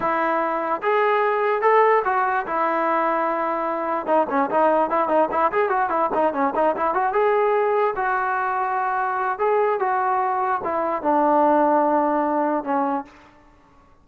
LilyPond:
\new Staff \with { instrumentName = "trombone" } { \time 4/4 \tempo 4 = 147 e'2 gis'2 | a'4 fis'4 e'2~ | e'2 dis'8 cis'8 dis'4 | e'8 dis'8 e'8 gis'8 fis'8 e'8 dis'8 cis'8 |
dis'8 e'8 fis'8 gis'2 fis'8~ | fis'2. gis'4 | fis'2 e'4 d'4~ | d'2. cis'4 | }